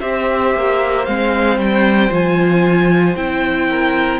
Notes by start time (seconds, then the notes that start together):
0.00 C4 G4 C5 E5
0.54 A#3
1.05 G#3 C4 F5
1.57 G3 G5
2.09 F3 F4 G#5
3.15 C4 E4 G5
3.69 A#4